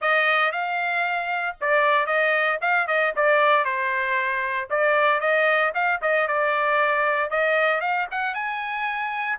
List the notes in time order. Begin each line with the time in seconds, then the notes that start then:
0.01 D#5
0.51 F5
1.60 D5
2.06 D#5
2.61 F5
2.87 D#5
3.15 D5
3.64 C5
4.70 D5
5.20 D#5
5.74 F5
6.01 D#5
6.28 D5
7.30 D#5
7.80 F5
8.11 F#5
8.34 G#5